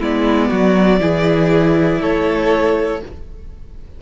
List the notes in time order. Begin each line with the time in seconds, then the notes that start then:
0.00 G#3 B3 E4 D5
0.49 F#3 F#4
0.99 E3 E4 G#4
2.01 A3 A4 C#5